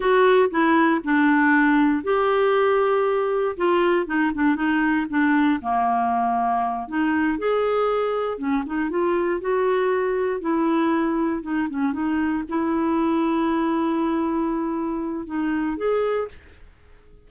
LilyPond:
\new Staff \with { instrumentName = "clarinet" } { \time 4/4 \tempo 4 = 118 fis'4 e'4 d'2 | g'2. f'4 | dis'8 d'8 dis'4 d'4 ais4~ | ais4. dis'4 gis'4.~ |
gis'8 cis'8 dis'8 f'4 fis'4.~ | fis'8 e'2 dis'8 cis'8 dis'8~ | dis'8 e'2.~ e'8~ | e'2 dis'4 gis'4 | }